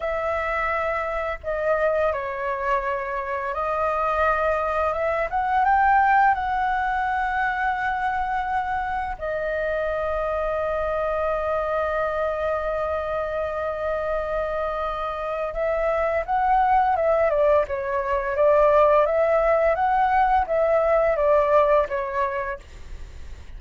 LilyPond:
\new Staff \with { instrumentName = "flute" } { \time 4/4 \tempo 4 = 85 e''2 dis''4 cis''4~ | cis''4 dis''2 e''8 fis''8 | g''4 fis''2.~ | fis''4 dis''2.~ |
dis''1~ | dis''2 e''4 fis''4 | e''8 d''8 cis''4 d''4 e''4 | fis''4 e''4 d''4 cis''4 | }